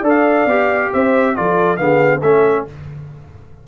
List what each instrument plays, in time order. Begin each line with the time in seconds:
0.00 tuba D4, trombone A4, horn D5
0.08 trumpet F5
0.45 tuba B3, trombone G4
0.92 tuba C4, horn C5, trumpet E5
1.35 tuba F3, trombone F4, horn A4, trumpet D5
1.76 tuba D3, trombone B3, horn G#4, trumpet F5
2.20 tuba A3, trombone C#4, horn A4, trumpet E5